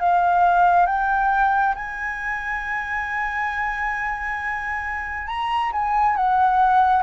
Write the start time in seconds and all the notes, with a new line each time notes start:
0.00 F5
0.87 G5
1.75 G#5
5.28 A#5
5.73 G#5
6.16 F#5